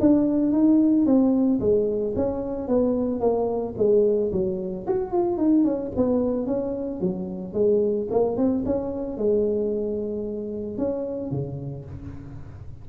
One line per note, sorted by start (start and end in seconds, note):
0.00 0.52 D4
0.52 1.06 D#4
1.06 1.60 C4
1.60 2.14 G#3
2.15 2.68 C#4
2.68 3.20 B3
3.20 3.74 A#3
3.77 4.31 G#3
4.32 4.86 F#3
4.87 5.12 F#4
5.12 5.37 F4
5.37 5.64 D#4
5.64 5.91 C#4
5.96 6.46 B3
6.46 7.00 C#4
7.00 7.53 F#3
7.53 8.07 G#3
8.10 8.37 A#3
8.37 8.64 C4
8.65 9.17 C#4
9.17 10.77 G#3
10.77 11.31 C#4
11.31 11.85 C#3